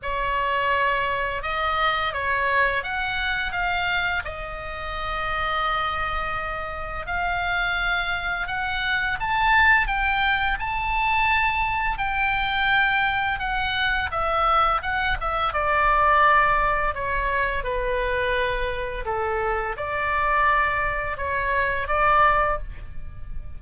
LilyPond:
\new Staff \with { instrumentName = "oboe" } { \time 4/4 \tempo 4 = 85 cis''2 dis''4 cis''4 | fis''4 f''4 dis''2~ | dis''2 f''2 | fis''4 a''4 g''4 a''4~ |
a''4 g''2 fis''4 | e''4 fis''8 e''8 d''2 | cis''4 b'2 a'4 | d''2 cis''4 d''4 | }